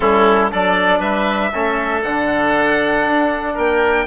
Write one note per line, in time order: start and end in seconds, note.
0.00 0.52 G3
0.00 0.50 C#4
0.00 0.51 E4
0.00 0.51 A4
0.50 0.99 F#3
0.50 1.52 D4
0.50 0.99 A4
0.50 1.01 D5
0.99 1.50 G3
0.99 1.50 B4
0.99 2.02 E5
1.53 2.04 A3
1.53 2.04 C#4
1.53 3.54 A4
2.02 3.05 D3
2.02 4.07 D4
2.02 3.55 F#5
3.06 3.56 D4
3.54 4.07 A#3
3.54 4.05 A#4
3.54 4.07 G5